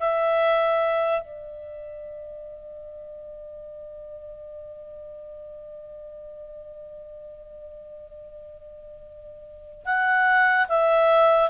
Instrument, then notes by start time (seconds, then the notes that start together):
clarinet
0.00 E5
1.21 D5
9.86 F#5
10.69 E5